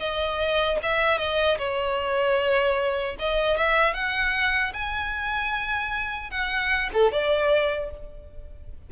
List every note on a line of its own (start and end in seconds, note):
0.00 0.79 D#5
0.83 1.19 E5
1.19 1.58 D#5
1.59 3.17 C#5
3.19 3.57 D#5
3.57 3.94 E5
3.94 4.73 F#5
4.74 6.31 G#5
6.31 6.90 F#5
6.94 7.12 A4
7.12 7.91 D5